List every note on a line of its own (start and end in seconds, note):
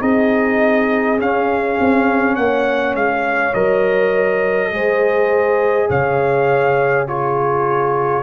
0.00 1.18 C4
0.00 1.18 D#4
0.00 2.36 G#4
0.00 1.19 D#5
1.18 1.77 C#4
1.18 3.53 C#4
1.18 2.36 F5
1.80 2.37 C4
2.36 2.95 A#3
2.36 4.73 C#5
2.36 2.94 F#5
2.95 3.54 G#3
2.95 3.54 F5
3.54 4.72 F#3
3.54 4.72 A#4
3.54 5.89 D#5
4.72 5.89 G#3
4.72 7.07 G#4
4.72 5.89 C5
5.89 8.23 C#3
5.89 7.07 C#5
5.89 7.08 F5
7.07 8.23 F4
7.07 8.23 G#4
7.07 8.23 C#5